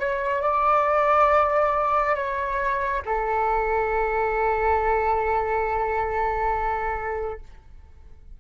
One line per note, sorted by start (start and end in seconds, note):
0.00 0.42 C#5
0.42 2.15 D5
2.15 3.02 C#5
3.06 7.40 A4